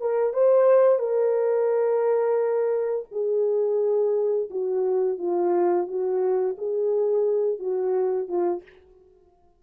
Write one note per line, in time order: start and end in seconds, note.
0.00 0.33 A#4
0.33 0.99 C5
0.99 3.06 A#4
3.11 4.49 G#4
4.50 5.18 F#4
5.18 5.87 F4
5.87 6.56 F#4
6.58 7.59 G#4
7.59 8.28 F#4
8.28 8.62 F4